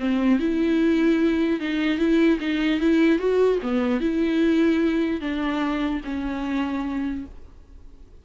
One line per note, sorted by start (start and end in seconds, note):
0.00 0.39 C4
0.39 1.60 E4
1.60 1.99 D#4
1.99 2.39 E4
2.41 2.81 D#4
2.81 3.19 E4
3.19 3.59 F#4
3.63 4.01 B3
4.01 5.21 E4
5.21 6.02 D4
6.05 7.26 C#4